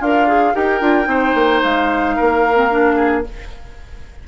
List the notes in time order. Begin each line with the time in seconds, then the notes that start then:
0.00 D4 F4 A#4 F5
0.28 G#4
0.54 D#4 G4 A#4 G5
0.81 D4 F4
1.04 C4 D#4 C5
1.35 A#3
1.63 G#3 F5
2.16 A#3 A#4
2.55 C4
2.71 D4
2.96 G#4